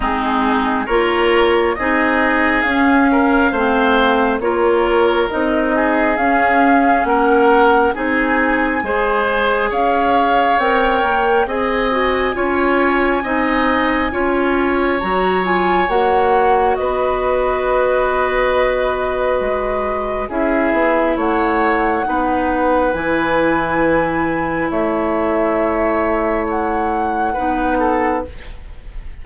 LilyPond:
<<
  \new Staff \with { instrumentName = "flute" } { \time 4/4 \tempo 4 = 68 gis'4 cis''4 dis''4 f''4~ | f''4 cis''4 dis''4 f''4 | fis''4 gis''2 f''4 | g''4 gis''2.~ |
gis''4 ais''8 gis''8 fis''4 dis''4~ | dis''2. e''4 | fis''2 gis''2 | e''2 fis''2 | }
  \new Staff \with { instrumentName = "oboe" } { \time 4/4 dis'4 ais'4 gis'4. ais'8 | c''4 ais'4. gis'4. | ais'4 gis'4 c''4 cis''4~ | cis''4 dis''4 cis''4 dis''4 |
cis''2. b'4~ | b'2. gis'4 | cis''4 b'2. | cis''2. b'8 a'8 | }
  \new Staff \with { instrumentName = "clarinet" } { \time 4/4 c'4 f'4 dis'4 cis'4 | c'4 f'4 dis'4 cis'4~ | cis'4 dis'4 gis'2 | ais'4 gis'8 fis'8 f'4 dis'4 |
f'4 fis'8 f'8 fis'2~ | fis'2. e'4~ | e'4 dis'4 e'2~ | e'2. dis'4 | }
  \new Staff \with { instrumentName = "bassoon" } { \time 4/4 gis4 ais4 c'4 cis'4 | a4 ais4 c'4 cis'4 | ais4 c'4 gis4 cis'4 | c'8 ais8 c'4 cis'4 c'4 |
cis'4 fis4 ais4 b4~ | b2 gis4 cis'8 b8 | a4 b4 e2 | a2. b4 | }
>>